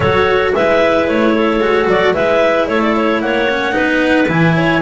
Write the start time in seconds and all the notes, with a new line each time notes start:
0.00 F#3 F#4 A4 C#5
0.54 G#3 E4 B4 E5
1.07 A3 C#5
1.35 A4
1.58 G#3 F#4
1.87 F#3 D5
2.13 G#3 E4 B4 E5
2.68 A3 A4 C#5
2.82 D5
2.96 C#5
3.21 A#3 C#5 F#5
3.49 C#4
3.71 B3 D#4 B4
4.28 E3 E4 G#5
4.57 C#5